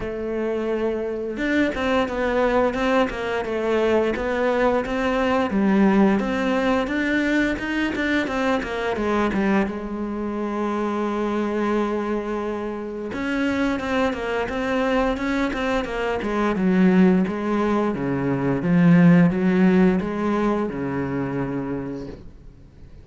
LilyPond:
\new Staff \with { instrumentName = "cello" } { \time 4/4 \tempo 4 = 87 a2 d'8 c'8 b4 | c'8 ais8 a4 b4 c'4 | g4 c'4 d'4 dis'8 d'8 | c'8 ais8 gis8 g8 gis2~ |
gis2. cis'4 | c'8 ais8 c'4 cis'8 c'8 ais8 gis8 | fis4 gis4 cis4 f4 | fis4 gis4 cis2 | }